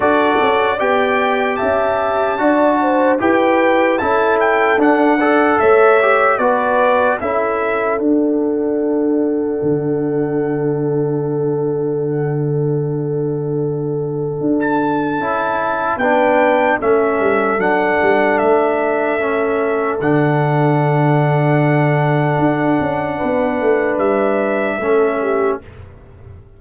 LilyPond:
<<
  \new Staff \with { instrumentName = "trumpet" } { \time 4/4 \tempo 4 = 75 d''4 g''4 a''2 | g''4 a''8 g''8 fis''4 e''4 | d''4 e''4 fis''2~ | fis''1~ |
fis''2~ fis''16 a''4.~ a''16 | g''4 e''4 fis''4 e''4~ | e''4 fis''2.~ | fis''2 e''2 | }
  \new Staff \with { instrumentName = "horn" } { \time 4/4 a'4 d''4 e''4 d''8 c''8 | b'4 a'4. d''8 cis''4 | b'4 a'2.~ | a'1~ |
a'1 | b'4 a'2.~ | a'1~ | a'4 b'2 a'8 g'8 | }
  \new Staff \with { instrumentName = "trombone" } { \time 4/4 fis'4 g'2 fis'4 | g'4 e'4 d'8 a'4 g'8 | fis'4 e'4 d'2~ | d'1~ |
d'2. e'4 | d'4 cis'4 d'2 | cis'4 d'2.~ | d'2. cis'4 | }
  \new Staff \with { instrumentName = "tuba" } { \time 4/4 d'8 cis'8 b4 cis'4 d'4 | e'4 cis'4 d'4 a4 | b4 cis'4 d'2 | d1~ |
d2 d'4 cis'4 | b4 a8 g8 fis8 g8 a4~ | a4 d2. | d'8 cis'8 b8 a8 g4 a4 | }
>>